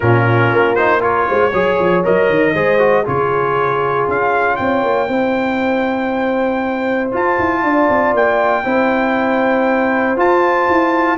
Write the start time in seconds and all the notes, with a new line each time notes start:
0.00 A#2 C#4 F4 A#4
0.51 A#3
0.75 D#4 C5
1.00 F4 A#4 C#5
1.28 G#3 C5
1.51 F#3 G#4 C#5
1.79 F3
2.04 F#3 A#4 D#5
2.29 D#3
2.54 G#3 G#4 C5
2.78 F#4
3.04 C#3 F4 G#4 C#5
4.08 C#4 F5
4.56 C4 C#5 G5
4.83 A#3
5.08 C4 E4 C5
7.11 F4 A5
7.38 E4
7.63 D4 D5
7.89 C4
8.13 A#3 G5
8.64 C4 E4 C5
10.16 F4 A5
10.68 E4